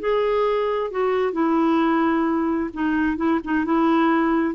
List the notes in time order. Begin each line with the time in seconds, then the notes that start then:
0.00 G#4
0.91 F#4
1.33 E4
2.74 D#4
3.17 E4
3.45 D#4
3.65 E4